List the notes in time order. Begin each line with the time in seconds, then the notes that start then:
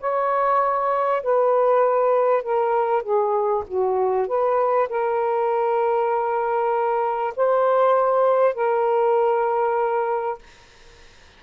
0.00 C#5
1.23 B4
2.43 A#4
3.03 G#4
3.67 F#4
4.27 B4
4.89 A#4
7.36 C5
8.55 A#4